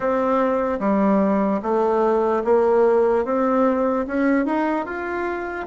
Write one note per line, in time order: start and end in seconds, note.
0.00 0.79 C4
0.79 1.60 G3
1.62 2.43 A3
2.44 3.24 A#3
3.24 4.05 C4
4.07 4.45 C#4
4.45 4.85 D#4
4.85 5.66 F4